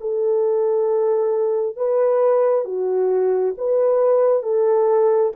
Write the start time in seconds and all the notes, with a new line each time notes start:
0.00 A4
1.76 B4
2.65 F#4
3.57 B4
4.43 A4